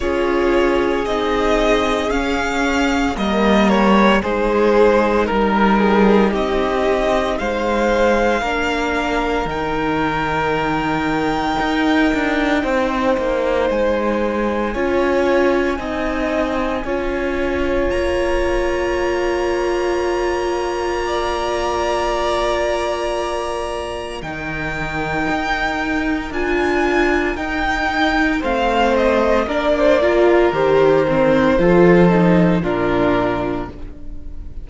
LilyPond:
<<
  \new Staff \with { instrumentName = "violin" } { \time 4/4 \tempo 4 = 57 cis''4 dis''4 f''4 dis''8 cis''8 | c''4 ais'4 dis''4 f''4~ | f''4 g''2.~ | g''4 gis''2.~ |
gis''4 ais''2.~ | ais''2. g''4~ | g''4 gis''4 g''4 f''8 dis''8 | d''4 c''2 ais'4 | }
  \new Staff \with { instrumentName = "violin" } { \time 4/4 gis'2. ais'4 | gis'4 ais'8 gis'8 g'4 c''4 | ais'1 | c''2 cis''4 dis''4 |
cis''1 | d''2. ais'4~ | ais'2. c''4 | ais'16 c''16 ais'4. a'4 f'4 | }
  \new Staff \with { instrumentName = "viola" } { \time 4/4 f'4 dis'4 cis'4 ais4 | dis'1 | d'4 dis'2.~ | dis'2 f'4 dis'4 |
f'1~ | f'2. dis'4~ | dis'4 f'4 dis'4 c'4 | d'8 f'8 g'8 c'8 f'8 dis'8 d'4 | }
  \new Staff \with { instrumentName = "cello" } { \time 4/4 cis'4 c'4 cis'4 g4 | gis4 g4 c'4 gis4 | ais4 dis2 dis'8 d'8 | c'8 ais8 gis4 cis'4 c'4 |
cis'4 ais2.~ | ais2. dis4 | dis'4 d'4 dis'4 a4 | ais4 dis4 f4 ais,4 | }
>>